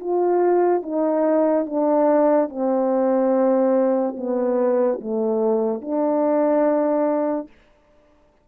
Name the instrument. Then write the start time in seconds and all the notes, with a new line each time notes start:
horn
0.00 F4
0.82 D#4
1.66 D4
2.49 C4
4.17 B3
5.00 A3
5.81 D4